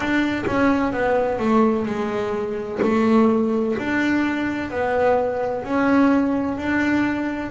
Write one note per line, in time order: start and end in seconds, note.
0.00 0.45 D4
0.46 0.92 C#4
0.92 1.38 B3
1.38 1.85 A3
1.85 2.79 G#3
2.82 3.75 A3
3.78 4.70 D4
4.70 5.64 B3
5.64 6.57 C#4
6.57 7.50 D4